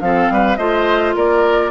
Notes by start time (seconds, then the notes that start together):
0.00 F3 C4 A4 F5
0.30 G3 B4
0.56 A3 F4 C5 D#5
1.16 A#3 A#4 D5